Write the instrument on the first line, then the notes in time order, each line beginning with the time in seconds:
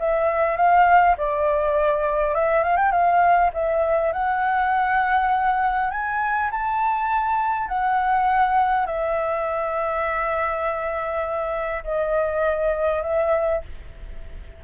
flute
0.00 E5
0.57 F5
1.18 D5
2.35 E5
2.64 F5
2.77 G5
2.92 F5
3.54 E5
4.13 F#5
5.91 G#5
6.51 A5
7.69 F#5
8.87 E5
11.84 D#5
13.03 E5